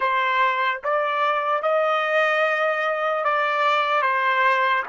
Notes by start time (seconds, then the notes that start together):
0.00 C5
0.83 D5
1.62 D#5
3.24 D5
4.02 C5